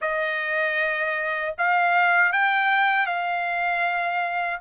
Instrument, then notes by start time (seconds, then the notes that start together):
trumpet
0.01 D#5
1.58 F5
2.32 G5
3.06 F5